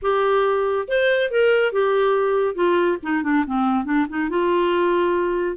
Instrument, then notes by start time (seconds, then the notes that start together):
clarinet
0.02 G4
0.88 C5
1.31 A#4
1.72 G4
2.54 F4
3.03 D#4
3.23 D4
3.46 C4
3.85 D4
4.09 D#4
4.29 F4